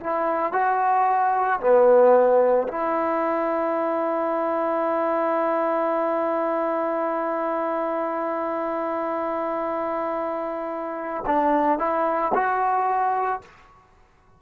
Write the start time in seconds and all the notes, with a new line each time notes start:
0.00 E4
0.53 F#4
1.60 B3
2.67 E4
11.26 D4
11.79 E4
12.34 F#4